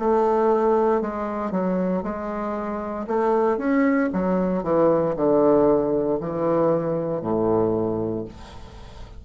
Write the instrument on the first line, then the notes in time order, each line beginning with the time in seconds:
bassoon
0.00 A3
1.02 G#3
1.52 F#3
2.03 G#3
3.08 A3
3.58 C#4
4.13 F#3
4.64 E3
5.16 D3
6.21 E3
7.22 A2